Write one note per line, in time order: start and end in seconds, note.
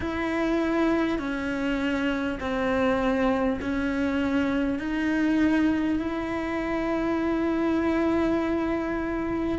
0.00 1.18 E4
1.18 2.38 C#4
2.40 3.60 C4
3.61 4.79 C#4
4.79 5.99 D#4
5.99 9.58 E4